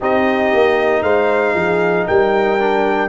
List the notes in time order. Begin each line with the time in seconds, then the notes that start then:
0.00 C4 D#4 G4 D#5
0.53 A#3
1.02 G#3 C5 F5
1.54 F3 G#4
2.06 G3 A#4 G5
2.59 D4